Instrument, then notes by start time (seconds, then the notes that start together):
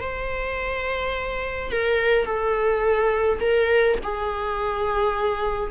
viola
0.00 C5
1.71 A#4
2.25 A4
3.41 A#4
4.03 G#4